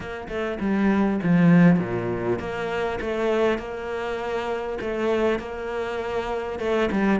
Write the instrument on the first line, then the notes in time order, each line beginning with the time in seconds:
cello
0.00 A#3
0.28 A3
0.59 G3
1.22 F3
1.79 A#2
2.39 A#3
3.00 A3
3.58 A#3
4.81 A3
5.39 A#3
6.59 A3
6.91 G3